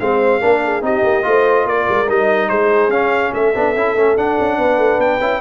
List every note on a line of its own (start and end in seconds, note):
0.00 0.42 G#3
0.00 0.41 C4
0.00 0.40 C5
0.00 0.83 F5
0.40 0.81 A#3
0.40 0.82 D4
0.40 0.61 A#4
0.64 0.85 G#4
0.81 1.02 C4
0.81 1.23 D#4
0.81 1.26 G4
0.81 1.67 D#5
1.03 1.24 A#3
1.23 1.65 A3
1.23 2.06 F4
1.23 1.68 C5
1.65 1.86 A#3
1.65 2.49 A#4
1.65 2.09 D5
1.89 2.09 G#3
2.09 2.50 G3
2.09 2.92 D#4
2.09 2.49 D#5
2.49 2.89 G#3
2.49 3.32 G#4
2.49 2.91 C5
2.89 3.31 C#4
2.89 3.54 C#4
2.89 3.33 F5
3.33 3.54 A3
3.33 4.58 A4
3.33 4.17 E5
3.55 3.75 B3
3.55 3.76 D4
3.75 3.95 C#4
3.75 3.97 E4
3.95 4.16 A3
3.95 4.17 C#4
4.17 4.38 D4
4.17 5.20 D4
4.17 5.01 F#5
4.40 4.58 C#4
4.58 4.77 B3
4.58 5.41 B4
4.77 4.98 A3
4.99 5.19 B3
4.99 5.41 G5
5.20 5.41 C#4
5.20 5.41 E4